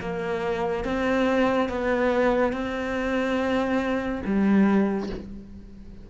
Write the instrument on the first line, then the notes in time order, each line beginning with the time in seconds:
cello
0.00 A#3
0.84 C4
1.69 B3
2.52 C4
4.25 G3